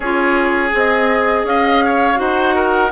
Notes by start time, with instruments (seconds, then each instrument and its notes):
0.00 bassoon C#4, clarinet F4, oboe G#4, flute C#5
0.70 bassoon C4, clarinet G#4, flute D#5
1.44 bassoon C#4, oboe D#5, flute F5
1.84 oboe C#5
2.15 bassoon D#4, clarinet F#4, oboe C5, flute F#5
2.55 oboe A#4